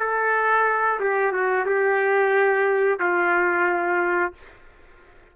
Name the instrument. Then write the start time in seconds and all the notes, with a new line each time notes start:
trumpet
0.00 A4
1.01 G4
1.32 F#4
1.66 G4
3.00 F4